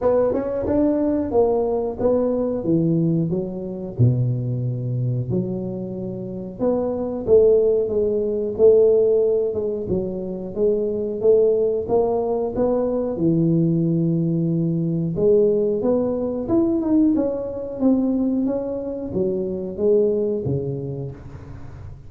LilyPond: \new Staff \with { instrumentName = "tuba" } { \time 4/4 \tempo 4 = 91 b8 cis'8 d'4 ais4 b4 | e4 fis4 b,2 | fis2 b4 a4 | gis4 a4. gis8 fis4 |
gis4 a4 ais4 b4 | e2. gis4 | b4 e'8 dis'8 cis'4 c'4 | cis'4 fis4 gis4 cis4 | }